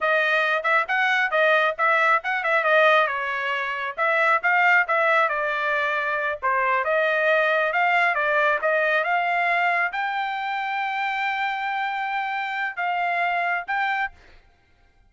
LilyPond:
\new Staff \with { instrumentName = "trumpet" } { \time 4/4 \tempo 4 = 136 dis''4. e''8 fis''4 dis''4 | e''4 fis''8 e''8 dis''4 cis''4~ | cis''4 e''4 f''4 e''4 | d''2~ d''8 c''4 dis''8~ |
dis''4. f''4 d''4 dis''8~ | dis''8 f''2 g''4.~ | g''1~ | g''4 f''2 g''4 | }